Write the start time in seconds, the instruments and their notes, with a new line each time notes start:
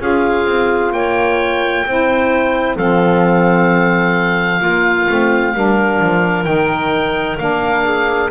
0.00 double bass C#4, saxophone F4, clarinet G#4, oboe F5
0.46 double bass C4
0.92 double bass A#3, clarinet C#5, oboe G5
1.86 double bass C4, saxophone E4, clarinet C5
2.76 double bass F3, saxophone C4, clarinet A4, oboe F5
4.61 double bass A#3, saxophone A#3, clarinet F4
5.09 double bass A3, saxophone C4
5.54 double bass G3, saxophone D4, clarinet A#4
6.01 double bass F3
6.45 double bass D#3, saxophone D#4, oboe G5
7.38 double bass A#3, saxophone D4, oboe F5
7.85 clarinet G#4